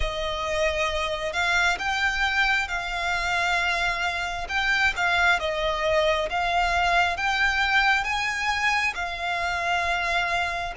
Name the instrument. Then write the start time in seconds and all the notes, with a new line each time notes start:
violin
0.00 D#5
1.32 F5
1.79 G5
2.68 F5
4.49 G5
4.96 F5
5.39 D#5
6.29 F5
7.16 G5
8.04 G#5
8.95 F5